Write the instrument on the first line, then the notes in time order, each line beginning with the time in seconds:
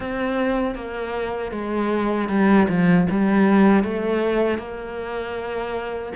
cello
0.00 C4
0.75 A#3
1.51 G#3
2.28 G3
2.68 F3
3.09 G3
3.83 A3
4.58 A#3